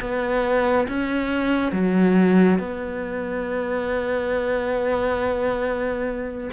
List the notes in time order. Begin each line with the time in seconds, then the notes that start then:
0.00 B3
0.88 C#4
1.72 F#3
2.59 B3